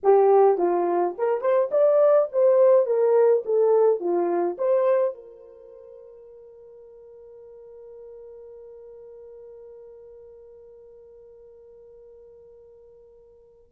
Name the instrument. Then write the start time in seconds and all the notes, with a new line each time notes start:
horn
0.03 G4
0.57 F4
1.18 A#4
1.41 C5
1.71 D5
2.32 C5
2.86 A#4
3.45 A4
3.99 F4
4.57 C5
5.14 A#4